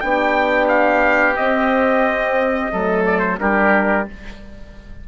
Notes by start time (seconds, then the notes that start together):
0.00 B3 D4 G4 G5
0.68 F5
1.36 C4 D#5
2.72 F#3 A3 A4
3.06 D5
3.19 C5
3.38 G3 D4 G4 A#4